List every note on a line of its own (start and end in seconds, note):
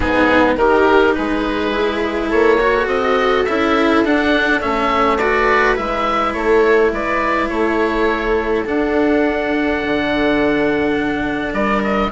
0.00 0.56 G#2
0.00 0.57 B3
0.00 0.57 D#4
0.00 0.55 G#4
0.56 1.14 D#3
0.56 1.71 D#4
0.56 1.17 G4
0.56 1.14 A#4
1.14 2.33 G#3
1.14 2.29 G#4
1.14 2.29 B4
1.71 2.58 E4
2.29 2.86 A#3
2.29 2.58 A4
2.29 2.87 C#5
2.59 3.46 F#4
2.59 2.72 C#5
2.72 5.17 A4
2.86 3.44 C4
2.86 3.44 D#5
3.44 4.05 C#4
3.44 4.05 E4
3.44 4.02 E5
4.05 4.62 D4
4.05 4.61 D4
4.05 4.61 F#5
4.61 5.78 A3
4.61 5.19 C#4
4.61 5.18 E5
5.18 5.75 F#4
5.18 6.34 B4
5.18 5.75 D5
5.75 6.35 G#3
5.75 8.64 E4
5.75 6.33 E5
6.33 6.91 A3
6.33 6.92 A4
6.33 6.90 C#5
6.91 7.49 G#3
6.91 7.50 B4
6.91 7.48 D5
7.48 8.66 A3
7.48 11.53 A4
7.48 8.64 C#5
8.65 12.11 D4
8.65 9.83 D4
8.65 11.53 F#5
9.83 11.53 D3
11.53 12.11 G3
11.53 12.11 A#4
11.53 11.82 D5
11.83 12.11 D#5